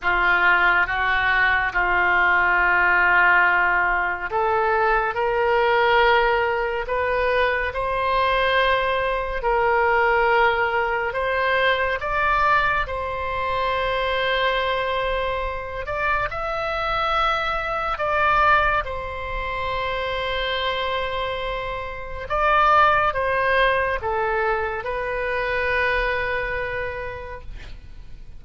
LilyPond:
\new Staff \with { instrumentName = "oboe" } { \time 4/4 \tempo 4 = 70 f'4 fis'4 f'2~ | f'4 a'4 ais'2 | b'4 c''2 ais'4~ | ais'4 c''4 d''4 c''4~ |
c''2~ c''8 d''8 e''4~ | e''4 d''4 c''2~ | c''2 d''4 c''4 | a'4 b'2. | }